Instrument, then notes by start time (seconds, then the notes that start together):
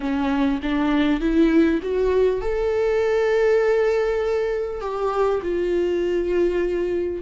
viola
0.00 C#4
0.62 D4
1.20 E4
1.82 F#4
2.41 A4
4.80 G4
5.42 F4